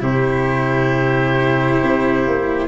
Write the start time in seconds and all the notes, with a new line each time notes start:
0.00 C3 E4 G4 C5
1.83 C4
2.28 A#3